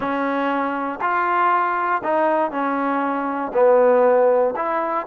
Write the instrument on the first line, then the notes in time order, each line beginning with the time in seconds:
trombone
0.00 C#4
1.01 F4
2.03 D#4
2.51 C#4
3.53 B3
4.55 E4